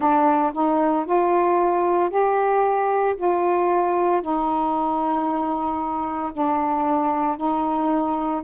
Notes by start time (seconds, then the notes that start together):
0.00 D4
0.53 D#4
1.05 F4
2.10 G4
3.16 F4
4.21 D#4
6.33 D4
7.36 D#4